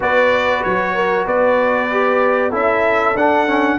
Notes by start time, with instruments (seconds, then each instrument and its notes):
0.00 tuba B3, trombone F#4, horn B4, trumpet D5
0.63 tuba F#3, trumpet C#5
0.94 horn A#4
1.24 tuba B3, horn B4, trumpet D5
1.90 trombone G4
2.49 tuba C#4, trombone E4, horn A4, trumpet E5
3.15 tuba D4, trombone D4, trumpet F#5
3.46 trombone C#4